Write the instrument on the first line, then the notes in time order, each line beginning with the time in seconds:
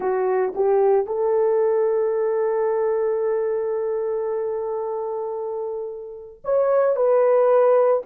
horn
0.00 F#4
0.55 G4
1.06 A4
6.44 C#5
6.96 B4